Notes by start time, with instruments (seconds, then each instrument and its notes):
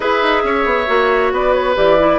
0.00 bassoon E4, clarinet G#4, oboe B4, flute E5
0.22 bassoon D#4
0.43 bassoon C#4, oboe C#5
0.65 bassoon B3
0.86 bassoon A#3, clarinet F#4
1.31 bassoon B3, oboe B4, flute D5
1.53 flute C#5
1.75 bassoon E3, clarinet G4, flute D5
1.99 clarinet E4